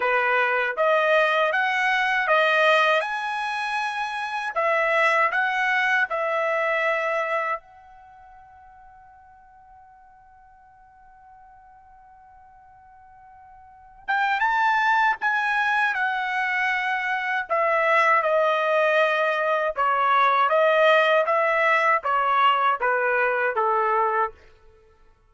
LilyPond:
\new Staff \with { instrumentName = "trumpet" } { \time 4/4 \tempo 4 = 79 b'4 dis''4 fis''4 dis''4 | gis''2 e''4 fis''4 | e''2 fis''2~ | fis''1~ |
fis''2~ fis''8 g''8 a''4 | gis''4 fis''2 e''4 | dis''2 cis''4 dis''4 | e''4 cis''4 b'4 a'4 | }